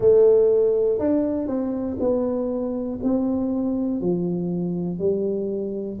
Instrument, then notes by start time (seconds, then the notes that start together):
tuba
0.00 A3
0.99 D4
1.47 C4
1.99 B3
3.03 C4
4.00 F3
4.98 G3